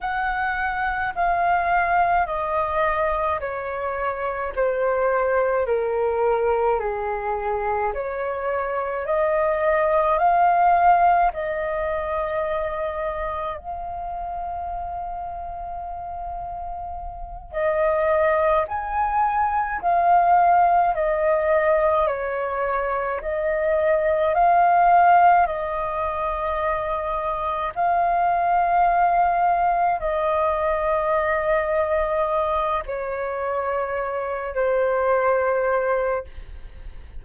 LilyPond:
\new Staff \with { instrumentName = "flute" } { \time 4/4 \tempo 4 = 53 fis''4 f''4 dis''4 cis''4 | c''4 ais'4 gis'4 cis''4 | dis''4 f''4 dis''2 | f''2.~ f''8 dis''8~ |
dis''8 gis''4 f''4 dis''4 cis''8~ | cis''8 dis''4 f''4 dis''4.~ | dis''8 f''2 dis''4.~ | dis''4 cis''4. c''4. | }